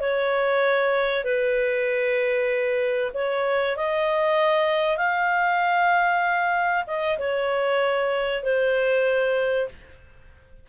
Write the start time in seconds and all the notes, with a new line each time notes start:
0.00 C#5
1.24 B4
3.14 C#5
3.76 D#5
4.97 F5
6.87 D#5
7.18 C#5
8.43 C5